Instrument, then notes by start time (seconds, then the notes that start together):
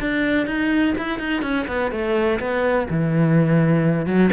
cello
0.00 D4
0.46 D#4
0.98 E4
1.19 D#4
1.42 C#4
1.67 B3
1.91 A3
2.40 B3
2.90 E3
4.06 F#3